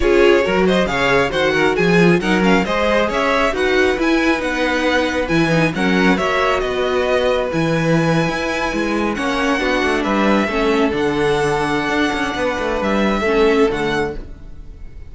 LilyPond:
<<
  \new Staff \with { instrumentName = "violin" } { \time 4/4 \tempo 4 = 136 cis''4. dis''8 f''4 fis''4 | gis''4 fis''8 f''8 dis''4 e''4 | fis''4 gis''4 fis''2 | gis''4 fis''4 e''4 dis''4~ |
dis''4 gis''2.~ | gis''8. fis''2 e''4~ e''16~ | e''8. fis''2.~ fis''16~ | fis''4 e''2 fis''4 | }
  \new Staff \with { instrumentName = "violin" } { \time 4/4 gis'4 ais'8 c''8 cis''4 c''8 ais'8 | gis'4 ais'4 c''4 cis''4 | b'1~ | b'4 ais'4 cis''4 b'4~ |
b'1~ | b'8. cis''4 fis'4 b'4 a'16~ | a'1 | b'2 a'2 | }
  \new Staff \with { instrumentName = "viola" } { \time 4/4 f'4 fis'4 gis'4 fis'4~ | fis'8 f'8 dis'8 cis'8 gis'2 | fis'4 e'4 dis'2 | e'8 dis'8 cis'4 fis'2~ |
fis'4 e'2.~ | e'8. cis'4 d'2 cis'16~ | cis'8. d'2.~ d'16~ | d'2 cis'4 a4 | }
  \new Staff \with { instrumentName = "cello" } { \time 4/4 cis'4 fis4 cis4 dis4 | f4 fis4 gis4 cis'4 | dis'4 e'4 b2 | e4 fis4 ais4 b4~ |
b4 e4.~ e16 e'4 gis16~ | gis8. ais4 b8 a8 g4 a16~ | a8. d2~ d16 d'8 cis'8 | b8 a8 g4 a4 d4 | }
>>